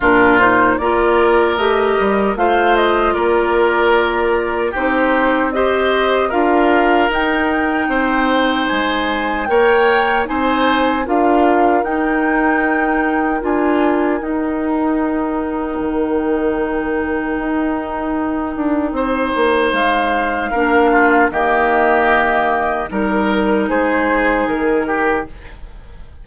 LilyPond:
<<
  \new Staff \with { instrumentName = "flute" } { \time 4/4 \tempo 4 = 76 ais'8 c''8 d''4 dis''4 f''8 dis''8 | d''2 c''4 dis''4 | f''4 g''2 gis''4 | g''4 gis''4 f''4 g''4~ |
g''4 gis''4 g''2~ | g''1~ | g''4 f''2 dis''4~ | dis''4 ais'4 c''4 ais'4 | }
  \new Staff \with { instrumentName = "oboe" } { \time 4/4 f'4 ais'2 c''4 | ais'2 g'4 c''4 | ais'2 c''2 | cis''4 c''4 ais'2~ |
ais'1~ | ais'1 | c''2 ais'8 f'8 g'4~ | g'4 ais'4 gis'4. g'8 | }
  \new Staff \with { instrumentName = "clarinet" } { \time 4/4 d'8 dis'8 f'4 g'4 f'4~ | f'2 dis'4 g'4 | f'4 dis'2. | ais'4 dis'4 f'4 dis'4~ |
dis'4 f'4 dis'2~ | dis'1~ | dis'2 d'4 ais4~ | ais4 dis'2. | }
  \new Staff \with { instrumentName = "bassoon" } { \time 4/4 ais,4 ais4 a8 g8 a4 | ais2 c'2 | d'4 dis'4 c'4 gis4 | ais4 c'4 d'4 dis'4~ |
dis'4 d'4 dis'2 | dis2 dis'4. d'8 | c'8 ais8 gis4 ais4 dis4~ | dis4 g4 gis4 dis4 | }
>>